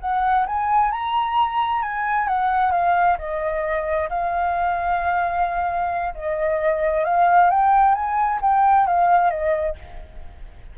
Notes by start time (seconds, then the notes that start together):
0.00 F#5
0.46 G#5
0.91 A#5
1.82 G#5
2.27 F#5
2.71 F5
3.18 D#5
4.09 F5
6.14 D#5
7.04 F5
7.50 G5
7.94 G#5
8.41 G5
8.86 F5
9.30 D#5